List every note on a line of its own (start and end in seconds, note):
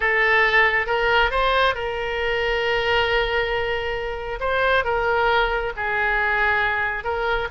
0.00 0.86 A4
0.86 1.30 A#4
1.30 1.74 C5
1.74 4.39 A#4
4.40 4.84 C5
4.84 5.72 A#4
5.76 7.04 G#4
7.04 7.48 A#4